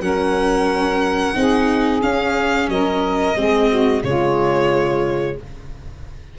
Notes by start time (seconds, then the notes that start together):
0.00 F#3 C#4 A#4 F#5
1.34 C4 D#4 G#4
2.01 C#4 F5
2.68 F#3 A#4 D#5
3.35 G#3 C4 G#4
3.69 F#4
4.03 C#3 G#3 F4 C#5